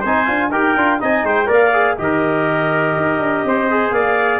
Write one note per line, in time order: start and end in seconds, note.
0.00 0.29 C4
0.00 0.26 D#4
0.00 0.49 C5
0.00 0.51 G#5
0.26 0.50 D4
0.26 0.50 F4
0.50 0.75 D#4
0.50 0.76 G4
0.50 0.99 A#4
0.50 1.00 G5
0.76 1.00 D4
0.76 1.00 F4
1.00 1.23 C4
1.00 1.45 D#4
1.00 1.25 D#5
1.00 1.26 G#5
1.23 1.47 G#3
1.23 1.47 C5
1.23 1.50 G5
1.45 1.97 A#3
1.45 1.70 A#4
1.45 1.96 D5
1.45 1.97 F5
1.72 1.97 G#4
1.97 2.96 D#3
1.97 3.68 G4
1.97 3.47 A#4
1.97 3.91 D#5
2.96 3.19 D#4
3.19 3.43 D4
3.45 3.91 C4
3.45 3.94 C5
3.70 4.40 G#4
3.91 4.40 A#3
3.91 4.40 D5
3.91 4.40 F5